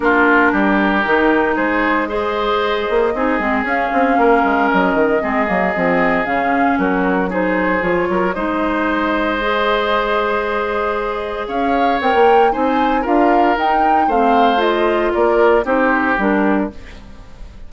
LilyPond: <<
  \new Staff \with { instrumentName = "flute" } { \time 4/4 \tempo 4 = 115 ais'2. c''4 | dis''2. f''4~ | f''4 dis''2. | f''4 ais'4 c''4 cis''4 |
dis''1~ | dis''2 f''4 g''4 | gis''4 f''4 g''4 f''4 | dis''4 d''4 c''4 ais'4 | }
  \new Staff \with { instrumentName = "oboe" } { \time 4/4 f'4 g'2 gis'4 | c''2 gis'2 | ais'2 gis'2~ | gis'4 fis'4 gis'4. ais'8 |
c''1~ | c''2 cis''2 | c''4 ais'2 c''4~ | c''4 ais'4 g'2 | }
  \new Staff \with { instrumentName = "clarinet" } { \time 4/4 d'2 dis'2 | gis'2 dis'8 c'8 cis'4~ | cis'2 c'8 ais8 c'4 | cis'2 dis'4 f'4 |
dis'2 gis'2~ | gis'2. ais'4 | dis'4 f'4 dis'4 c'4 | f'2 dis'4 d'4 | }
  \new Staff \with { instrumentName = "bassoon" } { \time 4/4 ais4 g4 dis4 gis4~ | gis4. ais8 c'8 gis8 cis'8 c'8 | ais8 gis8 fis8 dis8 gis8 fis8 f4 | cis4 fis2 f8 fis8 |
gis1~ | gis2 cis'4 c'16 ais8. | c'4 d'4 dis'4 a4~ | a4 ais4 c'4 g4 | }
>>